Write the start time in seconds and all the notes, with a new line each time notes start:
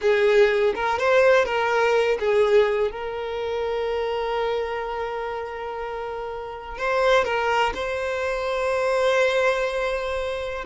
0.01 G#4
0.75 A#4
0.98 C5
1.45 A#4
2.19 G#4
2.91 A#4
6.77 C5
7.24 A#4
7.74 C5